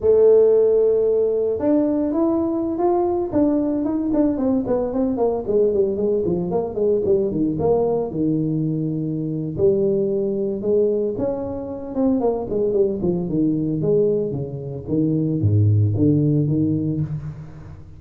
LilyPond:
\new Staff \with { instrumentName = "tuba" } { \time 4/4 \tempo 4 = 113 a2. d'4 | e'4~ e'16 f'4 d'4 dis'8 d'16~ | d'16 c'8 b8 c'8 ais8 gis8 g8 gis8 f16~ | f16 ais8 gis8 g8 dis8 ais4 dis8.~ |
dis2 g2 | gis4 cis'4. c'8 ais8 gis8 | g8 f8 dis4 gis4 cis4 | dis4 gis,4 d4 dis4 | }